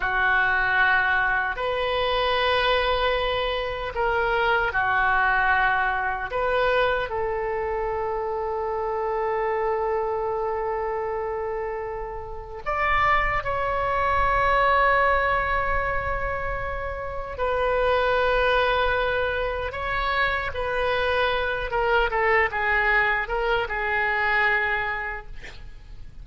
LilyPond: \new Staff \with { instrumentName = "oboe" } { \time 4/4 \tempo 4 = 76 fis'2 b'2~ | b'4 ais'4 fis'2 | b'4 a'2.~ | a'1 |
d''4 cis''2.~ | cis''2 b'2~ | b'4 cis''4 b'4. ais'8 | a'8 gis'4 ais'8 gis'2 | }